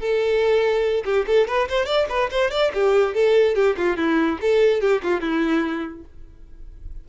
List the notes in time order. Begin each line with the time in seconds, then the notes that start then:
0.00 A4
1.05 G4
1.27 A4
1.48 B4
1.69 C5
1.86 D5
2.09 B4
2.31 C5
2.51 D5
2.74 G4
3.14 A4
3.55 G4
3.77 F4
3.97 E4
4.41 A4
4.81 G4
5.03 F4
5.21 E4